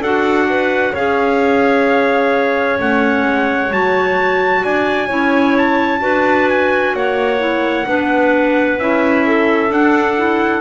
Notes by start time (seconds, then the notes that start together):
0.00 D4 F#4 A4 F#5
0.50 B4
0.92 C#4 G#4 C#5 F5
2.80 A3 C#4 F#5
3.25 G#3
3.71 F#3 F#4 A5
4.64 D4 D5 G#5
5.07 C#4 E4 C#5
5.58 A5
5.99 D4 F#4 B4
6.49 G#5
6.93 A#3 C#5 F#5
7.39 E4
7.86 B3 D4 B4
8.78 C#4 E4 E5
9.27 A4
9.70 D4 F#5
10.17 E4